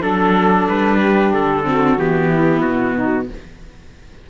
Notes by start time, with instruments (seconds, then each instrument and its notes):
0.00 cello F#3, viola D4, saxophone A4, trumpet A4
0.68 cello G3, trumpet B4
0.99 saxophone G4
1.33 cello D3, trumpet A4
1.64 viola C4, saxophone F#4
1.98 cello E3, viola B3, trumpet G4
2.31 saxophone E4
2.61 cello B2, trumpet F#4
2.95 saxophone D#4